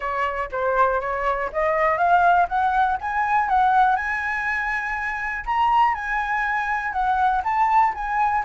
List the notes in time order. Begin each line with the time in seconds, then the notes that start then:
0.00 C#5
0.51 C5
1.01 C#5
1.52 D#5
1.97 F5
2.48 F#5
3.00 G#5
3.48 F#5
3.96 G#5
5.45 A#5
5.94 G#5
6.92 F#5
7.44 A5
7.94 G#5